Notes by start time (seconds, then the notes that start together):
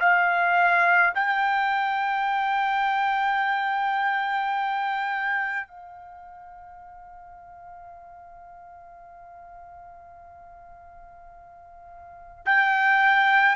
0.00 F5
1.15 G5
5.68 F5
12.45 G5